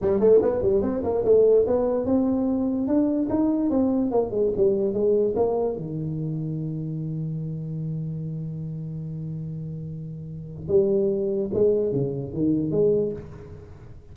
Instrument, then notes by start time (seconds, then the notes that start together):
tuba
0.01 G3
0.20 A3
0.42 B3
0.62 G3
0.82 C4
1.03 A#3
1.24 A3
1.66 B3
2.05 C4
2.87 D4
3.29 D#4
3.69 C4
4.11 A#3
4.31 G#3
4.56 G3
4.93 G#3
5.36 A#3
5.76 D#3
10.68 G3
11.53 G#3
11.92 C#3
12.33 D#3
12.71 G#3